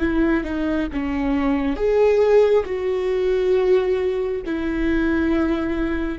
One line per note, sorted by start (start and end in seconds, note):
0.00 0.44 E4
0.44 0.88 D#4
0.93 1.76 C#4
1.76 2.65 G#4
2.66 4.42 F#4
4.46 6.19 E4